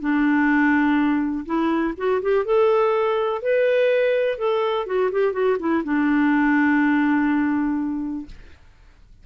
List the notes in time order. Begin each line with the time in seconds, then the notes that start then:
0.00 D4
1.45 E4
1.97 F#4
2.22 G4
2.45 A4
3.42 B4
4.38 A4
4.86 F#4
5.12 G4
5.33 F#4
5.59 E4
5.84 D4